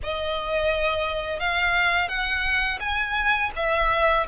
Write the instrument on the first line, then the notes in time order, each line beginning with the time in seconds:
violin
0.03 D#5
1.39 F5
2.08 F#5
2.80 G#5
3.56 E5